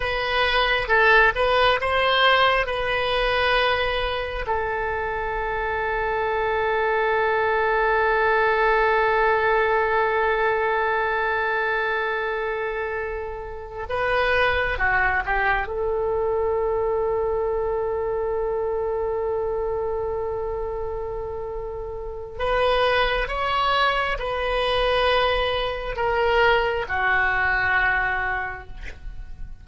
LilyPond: \new Staff \with { instrumentName = "oboe" } { \time 4/4 \tempo 4 = 67 b'4 a'8 b'8 c''4 b'4~ | b'4 a'2.~ | a'1~ | a'2.~ a'8 b'8~ |
b'8 fis'8 g'8 a'2~ a'8~ | a'1~ | a'4 b'4 cis''4 b'4~ | b'4 ais'4 fis'2 | }